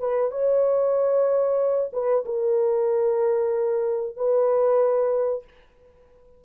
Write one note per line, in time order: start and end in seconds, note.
0.00 0.32 B4
0.32 1.91 C#5
1.93 2.25 B4
2.26 4.17 A#4
4.17 5.45 B4